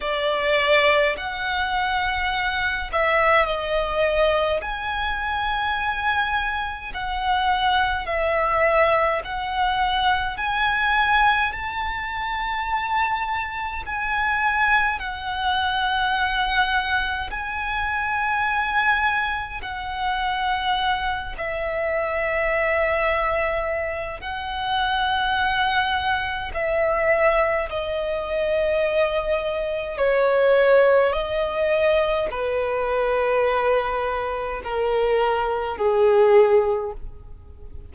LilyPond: \new Staff \with { instrumentName = "violin" } { \time 4/4 \tempo 4 = 52 d''4 fis''4. e''8 dis''4 | gis''2 fis''4 e''4 | fis''4 gis''4 a''2 | gis''4 fis''2 gis''4~ |
gis''4 fis''4. e''4.~ | e''4 fis''2 e''4 | dis''2 cis''4 dis''4 | b'2 ais'4 gis'4 | }